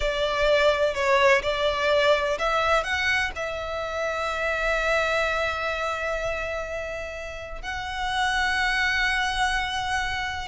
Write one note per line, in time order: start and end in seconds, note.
0.00 0.94 D5
0.94 1.42 C#5
1.42 2.37 D5
2.39 2.83 E5
2.83 3.31 F#5
3.35 7.61 E5
7.61 10.47 F#5